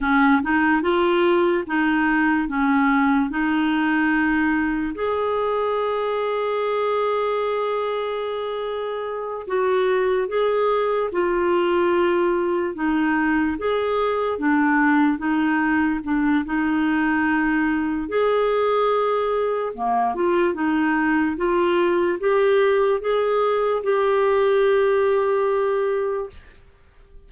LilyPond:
\new Staff \with { instrumentName = "clarinet" } { \time 4/4 \tempo 4 = 73 cis'8 dis'8 f'4 dis'4 cis'4 | dis'2 gis'2~ | gis'2.~ gis'8 fis'8~ | fis'8 gis'4 f'2 dis'8~ |
dis'8 gis'4 d'4 dis'4 d'8 | dis'2 gis'2 | ais8 f'8 dis'4 f'4 g'4 | gis'4 g'2. | }